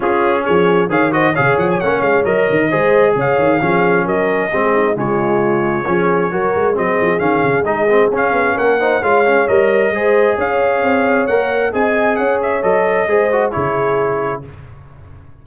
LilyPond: <<
  \new Staff \with { instrumentName = "trumpet" } { \time 4/4 \tempo 4 = 133 gis'4 cis''4 f''8 dis''8 f''8 fis''16 gis''16 | fis''8 f''8 dis''2 f''4~ | f''4 dis''2 cis''4~ | cis''2. dis''4 |
f''4 dis''4 f''4 fis''4 | f''4 dis''2 f''4~ | f''4 fis''4 gis''4 fis''8 e''8 | dis''2 cis''2 | }
  \new Staff \with { instrumentName = "horn" } { \time 4/4 f'4 gis'4 cis''8 c''8 cis''4~ | cis''2 c''4 cis''4 | gis'4 ais'4 gis'8 dis'8 f'4~ | f'4 gis'4 ais'4 gis'4~ |
gis'2. ais'8 c''8 | cis''2 c''4 cis''4~ | cis''2 dis''4 cis''4~ | cis''4 c''4 gis'2 | }
  \new Staff \with { instrumentName = "trombone" } { \time 4/4 cis'2 gis'8 fis'8 gis'4 | cis'4 ais'4 gis'2 | cis'2 c'4 gis4~ | gis4 cis'4 fis'4 c'4 |
cis'4 dis'8 c'8 cis'4. dis'8 | f'8 cis'8 ais'4 gis'2~ | gis'4 ais'4 gis'2 | a'4 gis'8 fis'8 e'2 | }
  \new Staff \with { instrumentName = "tuba" } { \time 4/4 cis'4 f4 dis4 cis8 f8 | ais8 gis8 fis8 dis8 gis4 cis8 dis8 | f4 fis4 gis4 cis4~ | cis4 f4 fis8 gis8 fis8 f8 |
dis8 cis8 gis4 cis'8 b8 ais4 | gis4 g4 gis4 cis'4 | c'4 ais4 c'4 cis'4 | fis4 gis4 cis2 | }
>>